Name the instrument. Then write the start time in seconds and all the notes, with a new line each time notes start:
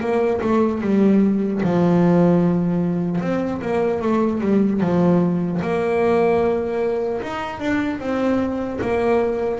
double bass
0.00 A#3
0.41 A3
0.81 G3
1.63 F3
3.21 C4
3.61 A#3
4.01 A3
4.40 G3
4.80 F3
5.61 A#3
7.21 D#4
7.59 D4
7.99 C4
8.81 A#3